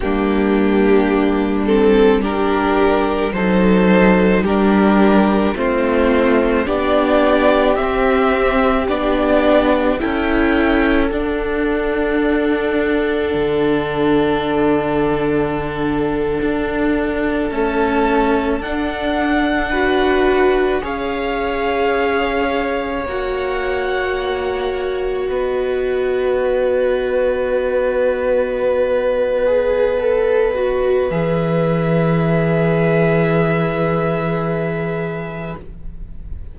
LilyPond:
<<
  \new Staff \with { instrumentName = "violin" } { \time 4/4 \tempo 4 = 54 g'4. a'8 ais'4 c''4 | ais'4 c''4 d''4 e''4 | d''4 g''4 fis''2~ | fis''2.~ fis''8. a''16~ |
a''8. fis''2 f''4~ f''16~ | f''8. fis''2 dis''4~ dis''16~ | dis''1 | e''1 | }
  \new Staff \with { instrumentName = "violin" } { \time 4/4 d'2 g'4 a'4 | g'4 f'4 g'2~ | g'4 a'2.~ | a'1~ |
a'4.~ a'16 b'4 cis''4~ cis''16~ | cis''2~ cis''8. b'4~ b'16~ | b'1~ | b'1 | }
  \new Staff \with { instrumentName = "viola" } { \time 4/4 ais4. c'8 d'4 dis'4 | d'4 c'4 d'4 c'4 | d'4 e'4 d'2~ | d'2.~ d'8. a16~ |
a8. d'4 fis'4 gis'4~ gis'16~ | gis'8. fis'2.~ fis'16~ | fis'2~ fis'8 gis'8 a'8 fis'8 | gis'1 | }
  \new Staff \with { instrumentName = "cello" } { \time 4/4 g2. fis4 | g4 a4 b4 c'4 | b4 cis'4 d'2 | d2~ d8. d'4 cis'16~ |
cis'8. d'2 cis'4~ cis'16~ | cis'8. ais2 b4~ b16~ | b1 | e1 | }
>>